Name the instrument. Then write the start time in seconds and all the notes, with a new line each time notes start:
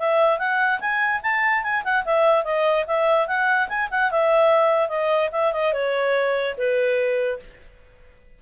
clarinet
0.00 E5
0.39 F#5
0.80 G#5
1.23 A5
1.63 G#5
1.84 F#5
2.05 E5
2.45 D#5
2.87 E5
3.28 F#5
3.69 G#5
3.91 F#5
4.11 E5
4.89 D#5
5.32 E5
5.53 D#5
5.73 C#5
6.58 B4